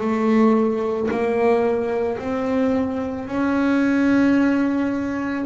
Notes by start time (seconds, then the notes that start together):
0.00 A3
1.11 A#3
2.18 C4
3.27 C#4